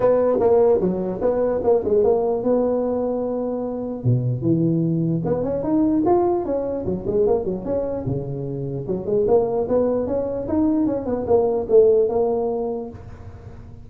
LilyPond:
\new Staff \with { instrumentName = "tuba" } { \time 4/4 \tempo 4 = 149 b4 ais4 fis4 b4 | ais8 gis8 ais4 b2~ | b2 b,4 e4~ | e4 b8 cis'8 dis'4 f'4 |
cis'4 fis8 gis8 ais8 fis8 cis'4 | cis2 fis8 gis8 ais4 | b4 cis'4 dis'4 cis'8 b8 | ais4 a4 ais2 | }